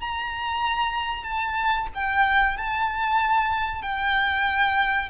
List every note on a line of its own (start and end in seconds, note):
0.00 1.23 A#5
1.23 1.87 A5
1.94 2.57 G5
2.57 3.82 A5
3.82 5.09 G5